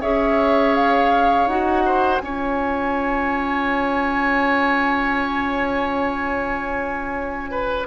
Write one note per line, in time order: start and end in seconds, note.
0.00 1.46 C#4
0.00 1.48 G#4
0.00 1.83 C#5
0.00 0.74 E5
0.74 1.47 F5
1.46 2.19 D#4
1.46 2.20 F#4
1.46 2.18 F#5
1.85 2.21 C5
2.18 7.86 C#4
2.18 7.86 F4
2.18 7.50 C#5
2.18 7.85 G#5
7.50 7.86 B4